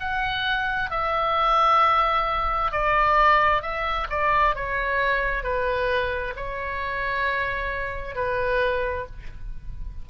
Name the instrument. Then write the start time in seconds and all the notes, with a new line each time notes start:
oboe
0.00 F#5
0.90 E5
2.71 D5
3.62 E5
4.10 D5
4.55 C#5
5.43 B4
6.36 C#5
8.15 B4